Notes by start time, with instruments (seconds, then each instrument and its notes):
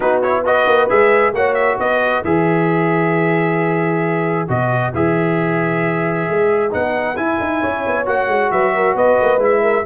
0.00 tuba B3, trombone D#4, horn F#4, trumpet B4
0.22 trombone E4, trumpet C#5
0.44 trombone F#4, horn B4, trumpet D#5
0.66 tuba A#3
0.89 tuba G#3, trombone G#4, trumpet E5
1.33 tuba A#3, trombone F#4, horn C#5, trumpet F#5
1.54 trumpet E5
1.78 tuba B3, horn B4, trumpet D#5
2.24 tuba E3, trombone G#4, trumpet E5
4.48 tuba B2, trombone F#4, trumpet D#5
4.94 tuba E3, trombone G#4, trumpet E5
6.28 tuba G#3
6.70 tuba B3, trombone D#4, trumpet F#5
7.16 trombone E4, tuba E4, trumpet G#5
7.39 tuba D#4
7.60 tuba C#4, horn C#5
7.86 tuba B3
8.05 tuba A#3, trombone F#4, trumpet F#5
8.27 tuba G#3
8.51 tuba F#3, horn B4, trumpet E5
8.73 horn A#4
8.94 tuba B3, horn B4, trumpet D#5
9.21 tuba A#3
9.38 tuba G#3, trombone E4, trumpet E5
9.61 horn A#4